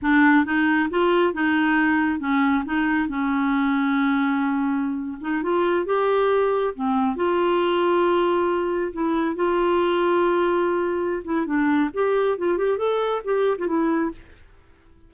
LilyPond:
\new Staff \with { instrumentName = "clarinet" } { \time 4/4 \tempo 4 = 136 d'4 dis'4 f'4 dis'4~ | dis'4 cis'4 dis'4 cis'4~ | cis'2.~ cis'8. dis'16~ | dis'16 f'4 g'2 c'8.~ |
c'16 f'2.~ f'8.~ | f'16 e'4 f'2~ f'8.~ | f'4. e'8 d'4 g'4 | f'8 g'8 a'4 g'8. f'16 e'4 | }